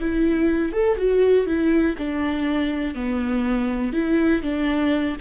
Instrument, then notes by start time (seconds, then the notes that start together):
viola
0.00 E4
0.72 A4
0.97 F#4
1.47 E4
1.98 D4
2.95 B3
3.93 E4
4.43 D4